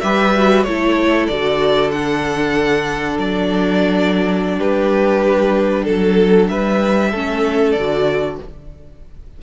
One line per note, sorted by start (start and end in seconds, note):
0.00 0.64 G3
0.00 0.34 G4
0.00 0.66 B4
0.00 0.63 E5
0.35 0.67 F#4
0.64 1.28 A3
0.64 1.31 E4
0.64 4.57 A4
0.64 1.27 C#5
1.27 3.18 D3
1.27 1.92 F#4
1.27 1.90 D5
1.91 7.13 D4
1.91 3.18 F#5
3.18 4.60 F#3
3.18 4.60 D5
4.57 5.88 G3
4.57 5.84 G4
4.57 5.84 B4
5.84 6.50 F#3
5.84 6.47 A4
5.84 6.50 A4
6.48 7.13 G3
6.48 7.11 B4
6.48 7.72 E5
7.11 7.76 A3
7.11 7.77 C#4
7.11 8.37 A4
7.72 8.39 D3
7.72 8.35 D5
7.79 8.42 F#4